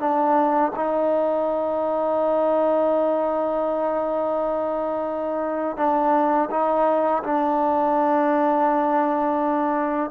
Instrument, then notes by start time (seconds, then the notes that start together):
trombone
0.00 D4
0.76 D#4
5.77 D4
6.51 D#4
7.24 D4